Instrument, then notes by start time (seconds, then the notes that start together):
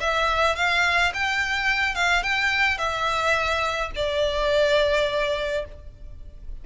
violin
0.00 E5
0.56 F5
1.13 G5
1.95 F5
2.23 G5
2.78 E5
3.95 D5